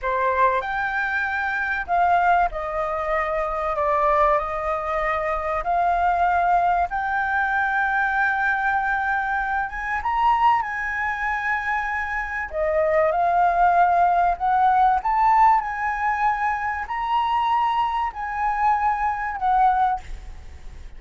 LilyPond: \new Staff \with { instrumentName = "flute" } { \time 4/4 \tempo 4 = 96 c''4 g''2 f''4 | dis''2 d''4 dis''4~ | dis''4 f''2 g''4~ | g''2.~ g''8 gis''8 |
ais''4 gis''2. | dis''4 f''2 fis''4 | a''4 gis''2 ais''4~ | ais''4 gis''2 fis''4 | }